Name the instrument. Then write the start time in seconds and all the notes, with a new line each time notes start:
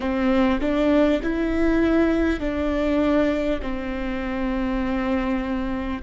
viola
0.00 C4
0.61 D4
1.22 E4
2.40 D4
3.62 C4